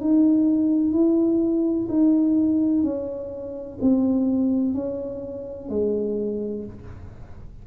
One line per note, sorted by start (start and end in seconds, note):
0.00 0.92 D#4
0.92 1.87 E4
1.89 2.83 D#4
2.83 3.78 C#4
3.81 4.74 C4
4.74 5.69 C#4
5.69 6.65 G#3